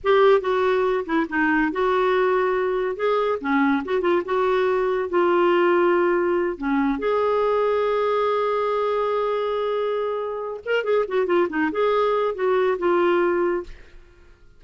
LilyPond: \new Staff \with { instrumentName = "clarinet" } { \time 4/4 \tempo 4 = 141 g'4 fis'4. e'8 dis'4 | fis'2. gis'4 | cis'4 fis'8 f'8 fis'2 | f'2.~ f'8 cis'8~ |
cis'8 gis'2.~ gis'8~ | gis'1~ | gis'4 ais'8 gis'8 fis'8 f'8 dis'8 gis'8~ | gis'4 fis'4 f'2 | }